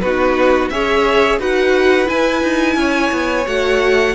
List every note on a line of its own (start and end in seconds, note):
0.00 0.71 B3
0.00 0.72 F#4
0.00 0.69 B4
0.06 0.72 D#4
0.70 1.39 C#4
0.70 1.41 G#4
0.70 1.39 C#5
0.70 1.39 E5
1.39 2.08 D#4
1.39 2.06 F#4
1.39 2.77 B4
1.39 2.09 F#5
2.06 3.44 E4
2.06 2.44 E4
2.06 3.47 G#5
2.44 2.76 D#4
2.76 3.11 C#4
2.76 4.16 C#5
3.12 3.47 B3
3.46 4.16 A3
3.46 4.15 F#4
3.46 4.16 F#5